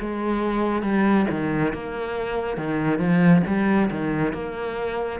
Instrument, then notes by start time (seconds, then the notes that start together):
cello
0.00 G#3
0.82 G3
1.30 D#3
1.73 A#3
2.57 D#3
2.99 F3
3.46 G3
3.91 D#3
4.33 A#3